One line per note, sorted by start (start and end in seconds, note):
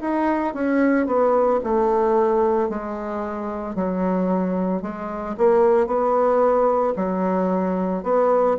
0.00 0.54 D#4
0.54 1.07 C#4
1.07 1.60 B3
1.64 2.69 A3
2.69 3.75 G#3
3.75 4.82 F#3
4.82 5.36 G#3
5.38 5.87 A#3
5.87 6.94 B3
6.96 8.03 F#3
8.04 8.57 B3